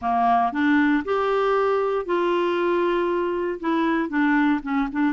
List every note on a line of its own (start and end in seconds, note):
0.01 0.52 A#3
0.52 1.03 D4
1.05 2.05 G4
2.05 3.59 F4
3.60 4.09 E4
4.09 4.60 D4
4.62 4.88 C#4
4.92 5.12 D4